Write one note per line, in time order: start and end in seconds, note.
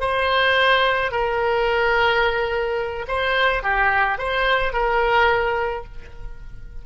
0.00 1.11 C5
1.11 3.06 A#4
3.08 3.63 C5
3.63 4.18 G4
4.18 4.73 C5
4.73 5.84 A#4